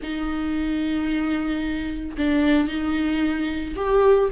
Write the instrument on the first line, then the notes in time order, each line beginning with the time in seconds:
viola
0.02 D#4
2.17 D4
2.67 D#4
3.75 G4